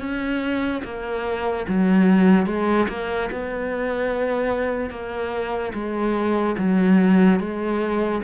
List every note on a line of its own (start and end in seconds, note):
0.00 0.82 C#4
0.84 1.66 A#3
1.68 2.47 F#3
2.47 2.88 G#3
2.89 3.30 A#3
3.31 4.91 B3
4.91 5.73 A#3
5.74 6.56 G#3
6.58 7.40 F#3
7.40 8.22 G#3